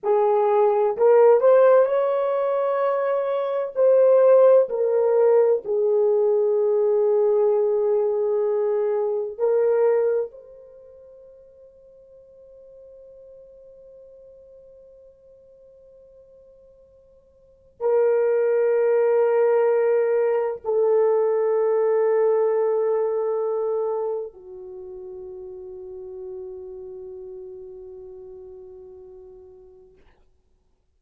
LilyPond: \new Staff \with { instrumentName = "horn" } { \time 4/4 \tempo 4 = 64 gis'4 ais'8 c''8 cis''2 | c''4 ais'4 gis'2~ | gis'2 ais'4 c''4~ | c''1~ |
c''2. ais'4~ | ais'2 a'2~ | a'2 fis'2~ | fis'1 | }